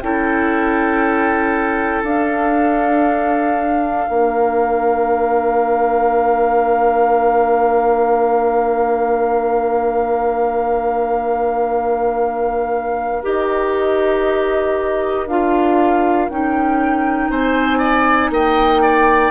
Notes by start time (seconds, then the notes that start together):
0.00 C#4 E4 A4 G5
2.03 D4 F5
4.08 A#3 A#4
13.23 D#4 G4 D#5
15.26 D4 F4 F5
16.29 C#4 D#4 G5
17.30 C4 C5 G#5
17.78 D5
18.30 A#3 D#5 G5
18.82 D5